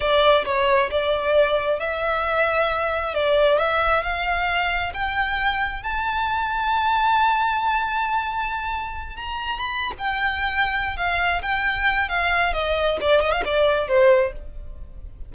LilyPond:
\new Staff \with { instrumentName = "violin" } { \time 4/4 \tempo 4 = 134 d''4 cis''4 d''2 | e''2. d''4 | e''4 f''2 g''4~ | g''4 a''2.~ |
a''1~ | a''8 ais''4 b''8. g''4.~ g''16~ | g''8 f''4 g''4. f''4 | dis''4 d''8 dis''16 f''16 d''4 c''4 | }